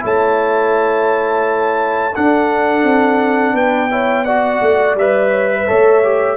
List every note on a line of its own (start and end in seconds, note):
0.00 2.16 A3
0.00 2.12 E4
0.00 2.15 C#5
0.00 2.15 A5
2.15 3.91 D4
2.15 2.84 D4
2.15 3.54 A4
2.15 3.56 F#5
2.84 3.54 C4
3.54 4.60 B3
3.54 3.90 B4
3.54 4.25 G5
3.91 4.26 E4
3.91 4.25 C#5
4.25 4.98 F#4
4.25 5.31 D5
4.25 4.95 F#5
4.61 4.95 A3
4.95 5.66 G3
4.95 5.67 B4
4.95 6.37 E5
5.31 5.49 C#5
5.52 5.67 B4
5.67 6.37 A3
5.67 6.03 A4
5.67 6.37 C#5
6.03 6.37 G4